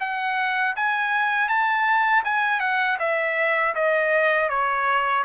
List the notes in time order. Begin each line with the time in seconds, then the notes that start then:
0.00 F#5
0.76 G#5
1.48 A5
2.24 G#5
2.60 F#5
2.99 E5
3.75 D#5
4.49 C#5